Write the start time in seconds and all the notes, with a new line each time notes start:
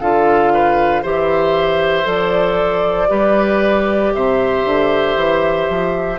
0.00 D3 F4 A4 F5
0.54 B4
1.02 E3 G4 C5 E5
2.04 F3 A4 D5
3.08 G3 G4 B4
4.13 C3 C5 E5
4.65 D3
5.16 E3
5.70 F3